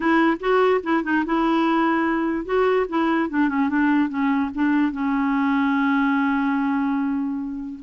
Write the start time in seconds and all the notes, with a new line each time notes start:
0.00 E4
0.40 F#4
0.83 E4
1.03 D#4
1.25 E4
2.45 F#4
2.88 E4
3.29 D4
3.48 C#4
3.69 D4
4.09 C#4
4.54 D4
4.92 C#4